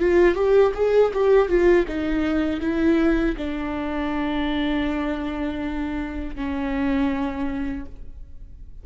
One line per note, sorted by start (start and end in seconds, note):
0.00 0.35 F4
0.35 0.73 G4
0.75 1.12 G#4
1.14 1.49 G4
1.49 1.86 F4
1.88 2.61 D#4
2.61 3.36 E4
3.38 6.36 D4
6.36 7.86 C#4